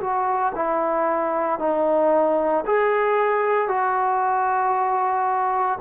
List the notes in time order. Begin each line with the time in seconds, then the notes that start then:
0.00 F#4
0.55 E4
1.59 D#4
2.66 G#4
3.68 F#4